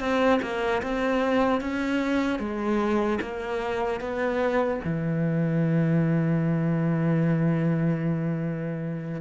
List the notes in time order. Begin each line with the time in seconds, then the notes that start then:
0.00 C4
0.42 A#3
0.83 C4
1.61 C#4
2.39 G#3
3.21 A#3
4.00 B3
4.84 E3